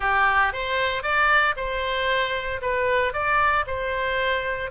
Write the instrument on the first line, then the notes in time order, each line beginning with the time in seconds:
oboe
0.00 G4
0.52 C5
1.02 D5
1.56 C5
2.61 B4
3.13 D5
3.66 C5